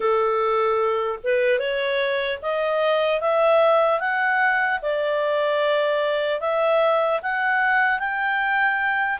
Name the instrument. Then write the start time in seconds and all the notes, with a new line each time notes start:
clarinet
0.00 A4
1.23 B4
1.59 C#5
2.42 D#5
3.20 E5
4.00 F#5
4.82 D5
6.40 E5
7.22 F#5
7.99 G5